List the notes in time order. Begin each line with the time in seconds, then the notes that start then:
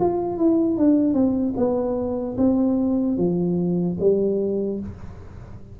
0.00 F4
0.37 E4
0.77 D4
1.13 C4
1.56 B3
2.37 C4
3.17 F3
4.00 G3